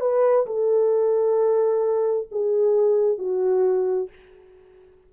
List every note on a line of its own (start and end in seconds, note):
0.00 0.45 B4
0.46 2.28 A4
2.31 3.18 G#4
3.18 4.09 F#4